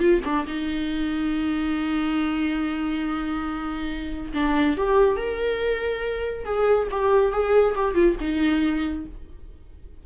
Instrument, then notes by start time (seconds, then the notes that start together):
viola
0.00 F4
0.25 D4
0.47 D#4
4.34 D4
4.77 G4
5.17 A#4
6.45 G#4
6.92 G4
7.33 G#4
7.76 G4
7.95 F4
8.21 D#4